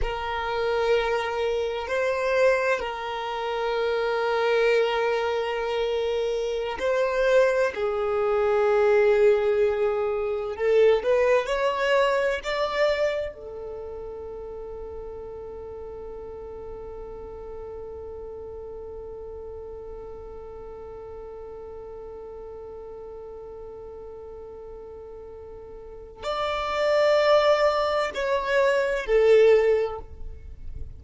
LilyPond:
\new Staff \with { instrumentName = "violin" } { \time 4/4 \tempo 4 = 64 ais'2 c''4 ais'4~ | ais'2.~ ais'16 c''8.~ | c''16 gis'2. a'8 b'16~ | b'16 cis''4 d''4 a'4.~ a'16~ |
a'1~ | a'1~ | a'1 | d''2 cis''4 a'4 | }